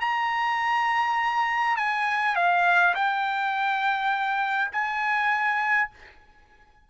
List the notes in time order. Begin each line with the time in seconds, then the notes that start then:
0.00 A#5
1.76 G#5
2.35 F5
2.94 G5
4.72 G#5